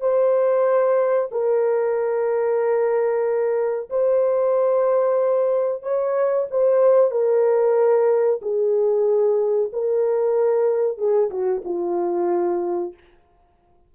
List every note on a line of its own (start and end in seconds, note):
0.00 1.29 C5
1.31 3.89 A#4
3.89 5.82 C5
5.82 6.47 C#5
6.50 7.11 C5
7.11 8.40 A#4
8.42 9.71 G#4
9.72 10.98 A#4
10.98 11.30 G#4
11.30 11.62 F#4
11.65 12.94 F4